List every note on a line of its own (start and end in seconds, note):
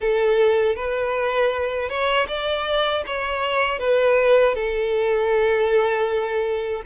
0.00 0.75 A4
0.75 1.88 B4
1.88 2.26 C#5
2.28 3.03 D5
3.06 3.79 C#5
3.79 4.54 B4
4.54 6.82 A4